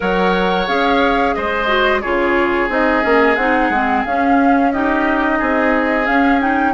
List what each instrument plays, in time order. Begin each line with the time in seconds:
0.00 bassoon F#3, clarinet A#4, oboe C#5, flute F#5
0.67 bassoon C#4, clarinet G#4, flute F5
1.34 bassoon G#3, oboe C5, flute D#5
1.67 clarinet F#4
2.01 bassoon C#3, clarinet F4, oboe G#4, flute C#5
2.68 bassoon C4, clarinet D#4, flute D#5
3.02 bassoon A#3, clarinet C#4
3.35 bassoon C4, clarinet D#4, flute F#5
3.69 bassoon G#3, clarinet C4
4.04 bassoon C#4, clarinet C#4, flute F5
4.72 clarinet D#4, oboe G4, flute D#5
5.38 bassoon C4, oboe G#4
6.05 clarinet C#4, bassoon C#4, flute F5
6.40 clarinet D#4, flute G5